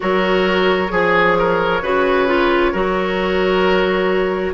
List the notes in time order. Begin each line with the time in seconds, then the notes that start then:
0.00 F#3 F#4 A#4 C#5
0.88 F3 G#4
1.38 A#4
1.81 C#3 F#4 B4
2.27 F4
2.72 F#3 F#4 A#4